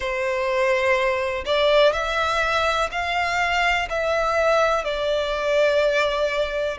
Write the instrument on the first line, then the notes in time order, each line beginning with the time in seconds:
violin
0.00 C5
1.45 D5
1.92 E5
2.91 F5
3.89 E5
4.84 D5